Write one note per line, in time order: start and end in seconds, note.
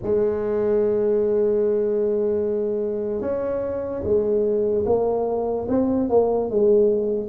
0.02 3.21 G#3
3.21 4.02 C#4
4.03 4.84 G#3
4.86 5.67 A#3
5.69 6.09 C4
6.09 6.49 A#3
6.50 7.29 G#3